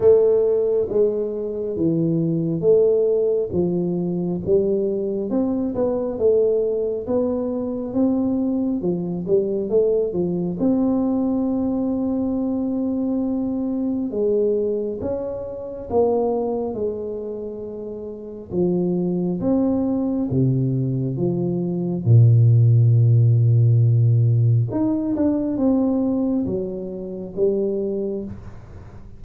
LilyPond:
\new Staff \with { instrumentName = "tuba" } { \time 4/4 \tempo 4 = 68 a4 gis4 e4 a4 | f4 g4 c'8 b8 a4 | b4 c'4 f8 g8 a8 f8 | c'1 |
gis4 cis'4 ais4 gis4~ | gis4 f4 c'4 c4 | f4 ais,2. | dis'8 d'8 c'4 fis4 g4 | }